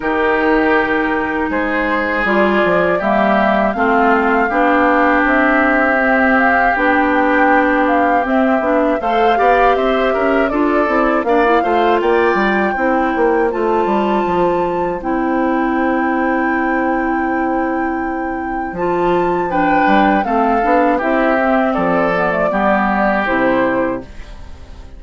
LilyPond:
<<
  \new Staff \with { instrumentName = "flute" } { \time 4/4 \tempo 4 = 80 ais'2 c''4 d''4 | e''4 f''2 e''4~ | e''8 f''8 g''4. f''8 e''4 | f''4 e''4 d''4 f''4 |
g''2 a''2 | g''1~ | g''4 a''4 g''4 f''4 | e''4 d''2 c''4 | }
  \new Staff \with { instrumentName = "oboe" } { \time 4/4 g'2 gis'2 | g'4 f'4 g'2~ | g'1 | c''8 d''8 c''8 ais'8 a'4 d''8 c''8 |
d''4 c''2.~ | c''1~ | c''2 b'4 a'4 | g'4 a'4 g'2 | }
  \new Staff \with { instrumentName = "clarinet" } { \time 4/4 dis'2. f'4 | ais4 c'4 d'2 | c'4 d'2 c'8 d'8 | a'8 g'4. f'8 e'8 d'16 e'16 f'8~ |
f'4 e'4 f'2 | e'1~ | e'4 f'4 d'4 c'8 d'8 | e'8 c'4 b16 a16 b4 e'4 | }
  \new Staff \with { instrumentName = "bassoon" } { \time 4/4 dis2 gis4 g8 f8 | g4 a4 b4 c'4~ | c'4 b2 c'8 b8 | a8 b8 c'8 cis'8 d'8 c'8 ais8 a8 |
ais8 g8 c'8 ais8 a8 g8 f4 | c'1~ | c'4 f4. g8 a8 b8 | c'4 f4 g4 c4 | }
>>